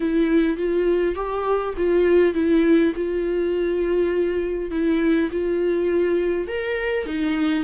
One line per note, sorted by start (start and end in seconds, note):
0.00 0.57 E4
0.57 1.15 F4
1.15 1.74 G4
1.77 2.34 F4
2.34 2.93 E4
2.95 4.70 F4
4.70 5.29 E4
5.31 6.47 F4
6.47 7.06 A#4
7.06 7.64 D#4